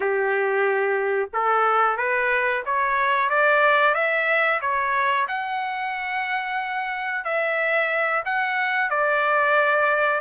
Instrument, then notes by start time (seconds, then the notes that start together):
trumpet
0.00 G4
1.33 A4
1.97 B4
2.65 C#5
3.29 D5
3.94 E5
4.61 C#5
5.28 F#5
7.24 E5
8.25 F#5
8.90 D5